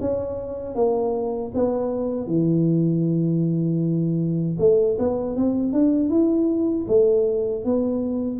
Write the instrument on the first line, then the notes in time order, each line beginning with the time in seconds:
tuba
0.00 C#4
0.74 A#3
1.54 B3
2.26 E3
4.59 A3
4.99 B3
5.36 C4
5.72 D4
6.09 E4
6.87 A3
7.64 B3